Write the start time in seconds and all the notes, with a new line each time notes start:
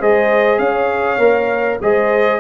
0.00 G#3 G#4 C5 D#5
0.59 C#4 C#5 F5
1.18 A#3 A#4
1.82 G#3 G#4 C5 D#5